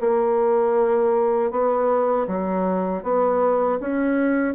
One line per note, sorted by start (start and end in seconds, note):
0.00 1.51 A#3
1.51 2.27 B3
2.28 3.03 F#3
3.03 3.79 B3
3.80 4.55 C#4